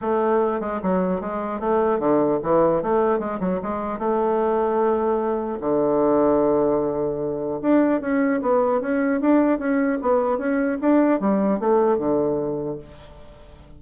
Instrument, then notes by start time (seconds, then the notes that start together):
bassoon
0.01 A3
0.60 G#3
0.82 F#3
1.20 G#3
1.60 A3
1.99 D3
2.42 E3
2.82 A3
3.19 G#3
3.40 F#3
3.62 G#3
3.99 A3
5.60 D3
7.61 D4
8.00 C#4
8.41 B3
8.80 C#4
9.21 D4
9.58 C#4
10.01 B3
10.38 C#4
10.81 D4
11.19 G3
11.59 A3
11.97 D3